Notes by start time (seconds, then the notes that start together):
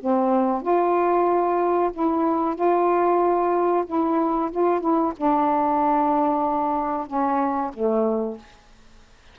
0.00 C4
0.62 F4
1.93 E4
2.55 F4
3.86 E4
4.51 F4
4.80 E4
5.16 D4
7.06 C#4
7.73 A3